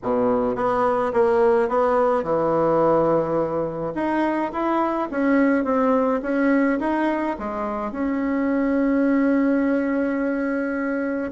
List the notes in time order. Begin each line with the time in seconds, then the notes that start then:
0.02 B2
0.55 B3
1.13 A#3
1.69 B3
2.23 E3
3.94 D#4
4.52 E4
5.10 C#4
5.64 C4
6.22 C#4
6.79 D#4
7.38 G#3
7.91 C#4